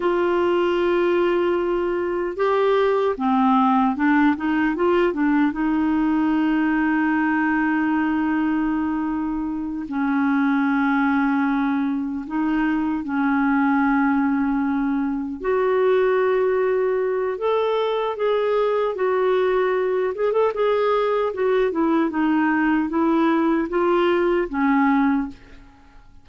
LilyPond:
\new Staff \with { instrumentName = "clarinet" } { \time 4/4 \tempo 4 = 76 f'2. g'4 | c'4 d'8 dis'8 f'8 d'8 dis'4~ | dis'1~ | dis'8 cis'2. dis'8~ |
dis'8 cis'2. fis'8~ | fis'2 a'4 gis'4 | fis'4. gis'16 a'16 gis'4 fis'8 e'8 | dis'4 e'4 f'4 cis'4 | }